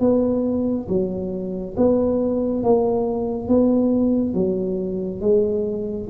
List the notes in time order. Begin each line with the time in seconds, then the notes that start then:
0.00 B3
0.89 F#3
1.77 B3
2.63 A#3
3.48 B3
4.34 F#3
5.21 G#3